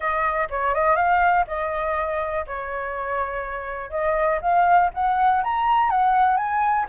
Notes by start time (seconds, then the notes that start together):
0.00 D#5
0.49 C#5
0.74 D#5
0.96 F5
1.47 D#5
2.46 C#5
3.90 D#5
4.41 F5
4.93 F#5
5.43 A#5
5.90 F#5
6.37 G#5